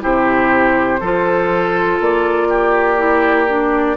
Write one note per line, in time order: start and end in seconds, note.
0.00 1.00 C3
0.00 0.98 E4
0.00 1.00 G4
0.00 2.00 C5
1.00 1.99 F3
1.00 2.98 F4
1.00 2.47 A4
2.00 3.97 A#3
2.00 3.97 D5
2.49 3.96 G4
2.98 3.47 E4
3.47 3.96 D4